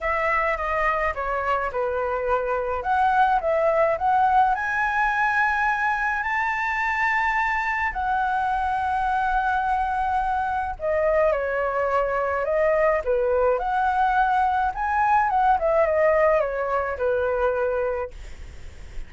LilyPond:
\new Staff \with { instrumentName = "flute" } { \time 4/4 \tempo 4 = 106 e''4 dis''4 cis''4 b'4~ | b'4 fis''4 e''4 fis''4 | gis''2. a''4~ | a''2 fis''2~ |
fis''2. dis''4 | cis''2 dis''4 b'4 | fis''2 gis''4 fis''8 e''8 | dis''4 cis''4 b'2 | }